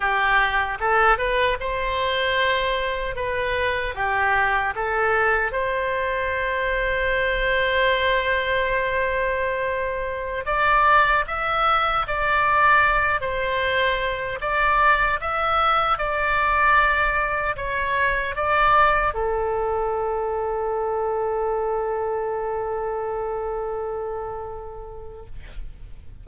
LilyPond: \new Staff \with { instrumentName = "oboe" } { \time 4/4 \tempo 4 = 76 g'4 a'8 b'8 c''2 | b'4 g'4 a'4 c''4~ | c''1~ | c''4~ c''16 d''4 e''4 d''8.~ |
d''8. c''4. d''4 e''8.~ | e''16 d''2 cis''4 d''8.~ | d''16 a'2.~ a'8.~ | a'1 | }